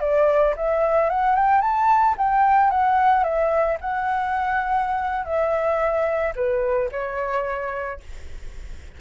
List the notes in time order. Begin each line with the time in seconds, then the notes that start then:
0.00 D5
0.56 E5
1.10 F#5
1.36 G5
1.61 A5
2.17 G5
2.71 F#5
3.23 E5
3.81 F#5
5.25 E5
6.35 B4
6.92 C#5